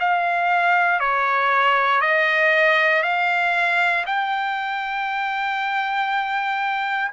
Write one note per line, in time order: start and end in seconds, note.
0.00 1.00 F5
1.00 2.01 C#5
2.01 3.03 D#5
3.03 4.05 F5
4.06 7.11 G5